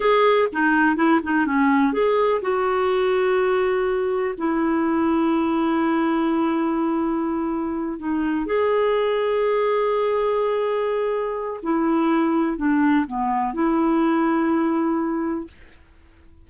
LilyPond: \new Staff \with { instrumentName = "clarinet" } { \time 4/4 \tempo 4 = 124 gis'4 dis'4 e'8 dis'8 cis'4 | gis'4 fis'2.~ | fis'4 e'2.~ | e'1~ |
e'8 dis'4 gis'2~ gis'8~ | gis'1 | e'2 d'4 b4 | e'1 | }